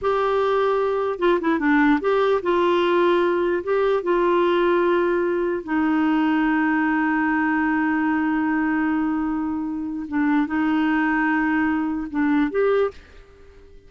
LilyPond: \new Staff \with { instrumentName = "clarinet" } { \time 4/4 \tempo 4 = 149 g'2. f'8 e'8 | d'4 g'4 f'2~ | f'4 g'4 f'2~ | f'2 dis'2~ |
dis'1~ | dis'1~ | dis'4 d'4 dis'2~ | dis'2 d'4 g'4 | }